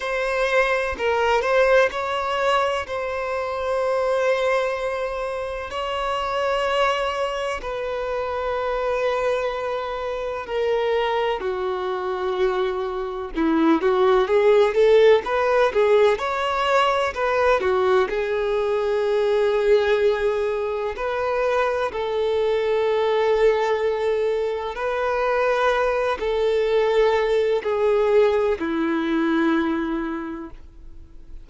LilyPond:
\new Staff \with { instrumentName = "violin" } { \time 4/4 \tempo 4 = 63 c''4 ais'8 c''8 cis''4 c''4~ | c''2 cis''2 | b'2. ais'4 | fis'2 e'8 fis'8 gis'8 a'8 |
b'8 gis'8 cis''4 b'8 fis'8 gis'4~ | gis'2 b'4 a'4~ | a'2 b'4. a'8~ | a'4 gis'4 e'2 | }